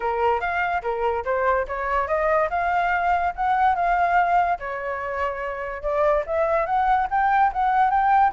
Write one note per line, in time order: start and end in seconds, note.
0.00 0.40 A#4
0.40 0.82 F5
0.82 1.24 A#4
1.24 1.66 C5
1.67 2.07 C#5
2.07 2.49 D#5
2.50 3.33 F5
3.35 3.75 F#5
3.75 4.58 F5
4.59 5.82 C#5
5.82 6.23 D5
6.26 6.66 E5
6.66 7.07 F#5
7.10 7.52 G5
7.52 7.90 F#5
7.90 8.32 G5